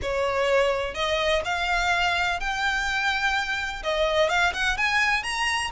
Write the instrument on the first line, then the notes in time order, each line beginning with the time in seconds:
violin
0.02 C#5
0.94 D#5
1.44 F5
2.40 G5
3.83 D#5
4.29 F5
4.53 F#5
4.77 G#5
5.23 A#5